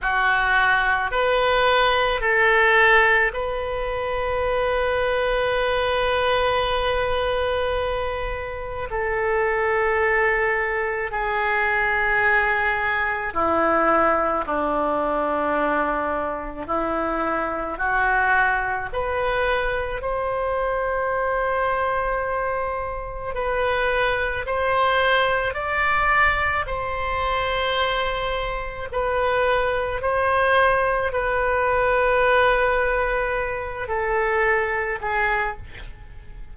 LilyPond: \new Staff \with { instrumentName = "oboe" } { \time 4/4 \tempo 4 = 54 fis'4 b'4 a'4 b'4~ | b'1 | a'2 gis'2 | e'4 d'2 e'4 |
fis'4 b'4 c''2~ | c''4 b'4 c''4 d''4 | c''2 b'4 c''4 | b'2~ b'8 a'4 gis'8 | }